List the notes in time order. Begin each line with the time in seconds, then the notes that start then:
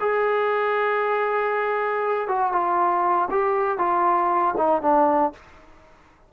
0.00 G#4
2.28 F#4
2.52 F4
3.30 G4
3.78 F4
4.57 D#4
4.81 D4